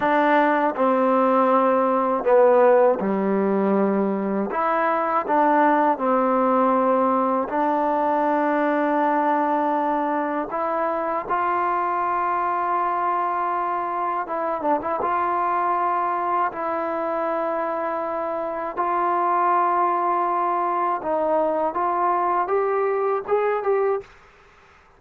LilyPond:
\new Staff \with { instrumentName = "trombone" } { \time 4/4 \tempo 4 = 80 d'4 c'2 b4 | g2 e'4 d'4 | c'2 d'2~ | d'2 e'4 f'4~ |
f'2. e'8 d'16 e'16 | f'2 e'2~ | e'4 f'2. | dis'4 f'4 g'4 gis'8 g'8 | }